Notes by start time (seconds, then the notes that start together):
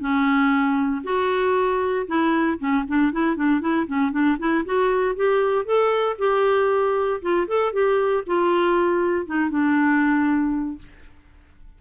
0.00 C#4
1.04 F#4
2.07 E4
2.59 C#4
2.88 D4
3.13 E4
3.36 D4
3.61 E4
3.87 C#4
4.11 D4
4.39 E4
4.65 F#4
5.16 G4
5.65 A4
6.18 G4
7.22 F4
7.48 A4
7.73 G4
8.27 F4
9.26 D#4
9.50 D4